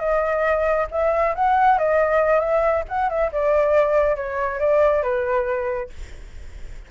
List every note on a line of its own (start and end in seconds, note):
0.00 0.87 D#5
0.91 1.35 E5
1.35 1.78 F#5
1.78 2.40 D#5
2.40 2.84 E5
2.89 3.10 F#5
3.10 3.31 E5
3.32 4.16 D5
4.16 4.59 C#5
4.59 5.03 D5
5.03 5.90 B4